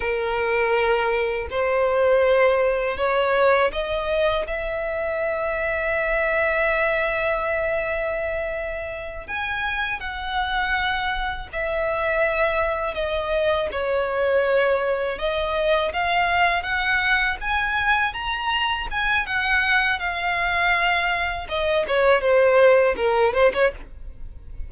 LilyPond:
\new Staff \with { instrumentName = "violin" } { \time 4/4 \tempo 4 = 81 ais'2 c''2 | cis''4 dis''4 e''2~ | e''1~ | e''8 gis''4 fis''2 e''8~ |
e''4. dis''4 cis''4.~ | cis''8 dis''4 f''4 fis''4 gis''8~ | gis''8 ais''4 gis''8 fis''4 f''4~ | f''4 dis''8 cis''8 c''4 ais'8 c''16 cis''16 | }